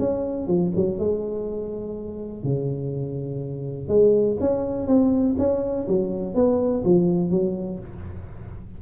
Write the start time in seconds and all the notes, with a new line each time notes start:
0.00 C#4
0.48 F3
0.76 F#3
0.99 G#3
2.44 C#3
3.89 G#3
4.41 C#4
4.87 C4
5.39 C#4
5.89 F#3
6.35 B3
6.85 F3
7.31 F#3